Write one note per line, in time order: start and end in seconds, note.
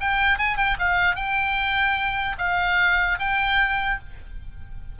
0.00 0.38 G5
0.38 0.57 G#5
0.57 0.77 G5
0.79 1.15 F5
1.15 2.36 G5
2.38 3.18 F5
3.19 3.99 G5